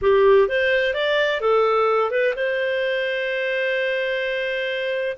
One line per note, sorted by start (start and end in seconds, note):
0.01 0.48 G4
0.48 0.94 C5
0.94 1.40 D5
1.40 2.10 A4
2.10 2.34 B4
2.35 5.17 C5